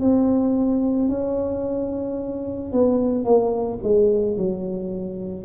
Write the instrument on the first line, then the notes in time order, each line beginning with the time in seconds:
tuba
0.00 C4
1.09 C#4
2.72 B3
3.24 A#3
3.83 G#3
4.37 F#3